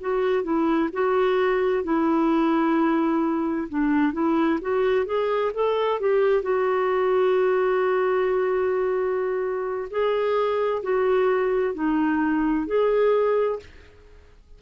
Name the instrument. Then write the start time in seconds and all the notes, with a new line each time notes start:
clarinet
0.00 F#4
0.43 E4
0.92 F#4
1.83 E4
3.68 D4
4.12 E4
4.61 F#4
5.05 G#4
5.53 A4
6.00 G4
6.42 F#4
9.90 G#4
10.83 F#4
11.74 D#4
12.67 G#4